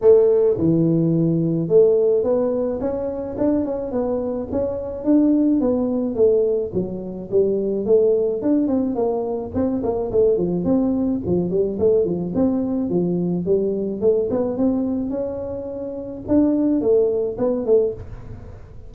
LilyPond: \new Staff \with { instrumentName = "tuba" } { \time 4/4 \tempo 4 = 107 a4 e2 a4 | b4 cis'4 d'8 cis'8 b4 | cis'4 d'4 b4 a4 | fis4 g4 a4 d'8 c'8 |
ais4 c'8 ais8 a8 f8 c'4 | f8 g8 a8 f8 c'4 f4 | g4 a8 b8 c'4 cis'4~ | cis'4 d'4 a4 b8 a8 | }